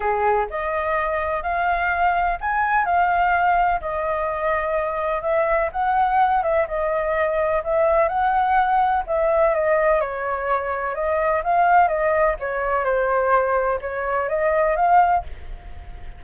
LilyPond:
\new Staff \with { instrumentName = "flute" } { \time 4/4 \tempo 4 = 126 gis'4 dis''2 f''4~ | f''4 gis''4 f''2 | dis''2. e''4 | fis''4. e''8 dis''2 |
e''4 fis''2 e''4 | dis''4 cis''2 dis''4 | f''4 dis''4 cis''4 c''4~ | c''4 cis''4 dis''4 f''4 | }